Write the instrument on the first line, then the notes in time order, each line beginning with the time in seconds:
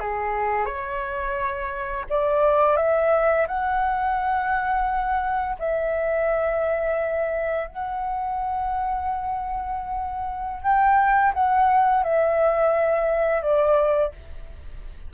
flute
0.00 G#4
0.66 C#5
2.10 D5
2.77 E5
3.48 F#5
5.59 E5
7.67 F#5
10.63 G5
11.34 F#5
12.03 E5
13.42 D5